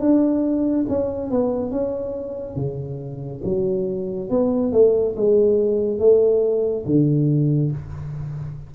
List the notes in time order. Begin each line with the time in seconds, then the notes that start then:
0.00 D4
0.88 C#4
1.31 B3
1.71 C#4
2.56 C#3
3.44 F#3
4.30 B3
4.72 A3
5.16 G#3
5.99 A3
6.86 D3